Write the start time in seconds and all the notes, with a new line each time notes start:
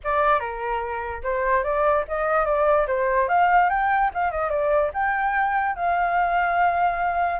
0.03 D5
0.39 A#4
1.23 C5
1.63 D5
2.08 D#5
2.45 D5
2.87 C5
3.28 F5
3.69 G5
4.14 F5
4.31 D#5
4.49 D5
4.93 G5
5.75 F5